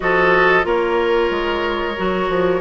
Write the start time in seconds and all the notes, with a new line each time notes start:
0.00 F3 F#4 A4 D#5
0.62 A#3 F4 A#4 C#5
1.30 G#3
1.97 F#3 F#4
2.28 F3